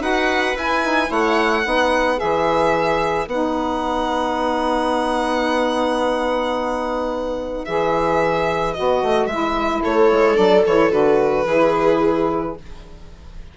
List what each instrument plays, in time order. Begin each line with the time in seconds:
0.00 bassoon D#4, saxophone F#4, viola B4, violin F#5
0.55 saxophone E4, bassoon E4, violin G#5
0.82 saxophone D#4
1.07 bassoon A3, saxophone E4, viola C#5, violin F#5
1.64 bassoon B3, saxophone D#4, viola B4
2.17 bassoon E3, saxophone G#4, violin E5
3.26 bassoon B3, saxophone D#4, violin F#5
7.65 bassoon E3, saxophone G#4, violin E5
8.74 bassoon B3, saxophone F#4, violin D#5
9.03 bassoon A3
9.26 bassoon G#3, saxophone E4, violin E5
9.84 bassoon A3, viola A4, violin C#5
10.11 bassoon G#3
10.35 bassoon F#3, saxophone D4, violin D5
10.66 bassoon E3, saxophone E4, violin C#5
10.91 bassoon D3, saxophone F#4, violin B4
11.45 bassoon E3, saxophone E4, viola G#4